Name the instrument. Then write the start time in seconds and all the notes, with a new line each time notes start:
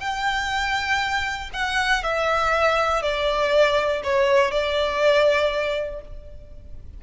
violin
0.00 G5
1.53 F#5
2.03 E5
3.02 D5
4.04 C#5
4.51 D5